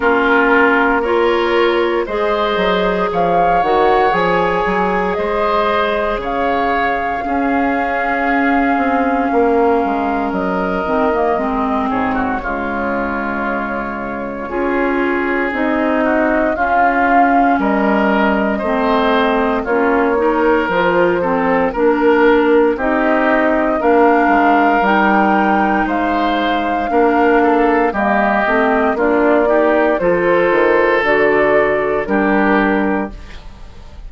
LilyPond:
<<
  \new Staff \with { instrumentName = "flute" } { \time 4/4 \tempo 4 = 58 ais'4 cis''4 dis''4 f''8 fis''8 | gis''4 dis''4 f''2~ | f''2 dis''4. cis''8~ | cis''2. dis''4 |
f''4 dis''2 cis''4 | c''4 ais'4 dis''4 f''4 | g''4 f''2 dis''4 | d''4 c''4 d''4 ais'4 | }
  \new Staff \with { instrumentName = "oboe" } { \time 4/4 f'4 ais'4 c''4 cis''4~ | cis''4 c''4 cis''4 gis'4~ | gis'4 ais'2~ ais'8 gis'16 fis'16 | f'2 gis'4. fis'8 |
f'4 ais'4 c''4 f'8 ais'8~ | ais'8 a'8 ais'4 g'4 ais'4~ | ais'4 c''4 ais'8 a'8 g'4 | f'8 g'8 a'2 g'4 | }
  \new Staff \with { instrumentName = "clarinet" } { \time 4/4 cis'4 f'4 gis'4. fis'8 | gis'2. cis'4~ | cis'2~ cis'8 c'16 ais16 c'4 | gis2 f'4 dis'4 |
cis'2 c'4 cis'8 dis'8 | f'8 c'8 d'4 dis'4 d'4 | dis'2 d'4 ais8 c'8 | d'8 dis'8 f'4 fis'4 d'4 | }
  \new Staff \with { instrumentName = "bassoon" } { \time 4/4 ais2 gis8 fis8 f8 dis8 | f8 fis8 gis4 cis4 cis'4~ | cis'8 c'8 ais8 gis8 fis8 dis8 gis8 gis,8 | cis2 cis'4 c'4 |
cis'4 g4 a4 ais4 | f4 ais4 c'4 ais8 gis8 | g4 gis4 ais4 g8 a8 | ais4 f8 dis8 d4 g4 | }
>>